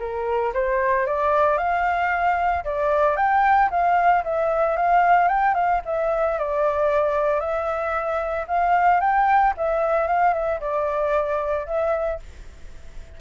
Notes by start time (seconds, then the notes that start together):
0.00 A#4
0.54 C5
1.07 D5
1.58 F5
2.65 D5
3.17 G5
3.71 F5
4.24 E5
4.76 F5
5.28 G5
5.55 F5
5.86 E5
6.38 D5
7.40 E5
8.48 F5
9.01 G5
9.57 E5
10.07 F5
10.34 E5
10.60 D5
11.67 E5